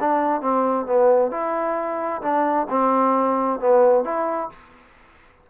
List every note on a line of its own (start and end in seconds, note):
0.00 0.41 D4
0.41 0.86 C4
0.86 1.31 B3
1.31 2.22 E4
2.22 2.67 D4
2.70 3.60 C4
3.60 4.05 B3
4.05 4.50 E4